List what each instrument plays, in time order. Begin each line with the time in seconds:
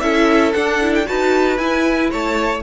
0.00 cello C#4, viola E4, violin A4 E5
0.54 viola D4, cello D4, violin F#5
0.81 viola E4
0.95 violin G5
1.05 cello D#4, viola F#4, violin B4 A5
1.58 cello E4, viola E4, violin G#5
2.11 cello A3, violin C#5 A5